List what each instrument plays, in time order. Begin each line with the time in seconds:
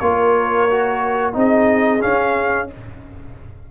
0.00 tuba A#3, trombone F4, horn A#4, trumpet C#5
0.70 trombone F#4
1.33 tuba C4, trombone D#4, horn G#4, trumpet D#5
2.01 trombone C#4, tuba C#4, trumpet F5